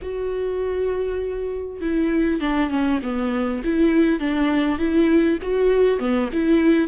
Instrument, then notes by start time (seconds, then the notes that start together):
viola
0.02 F#4
1.81 E4
2.40 D4
2.70 C#4
3.02 B3
3.64 E4
4.19 D4
4.78 E4
5.42 F#4
5.99 B3
6.32 E4